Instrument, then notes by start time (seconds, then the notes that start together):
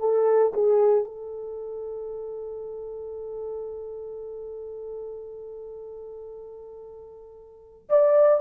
horn
0.00 A4
0.54 G#4
1.05 A4
7.89 D5